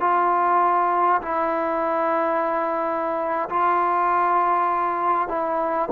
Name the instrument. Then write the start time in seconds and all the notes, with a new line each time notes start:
trombone
0.00 F4
1.21 E4
3.49 F4
5.28 E4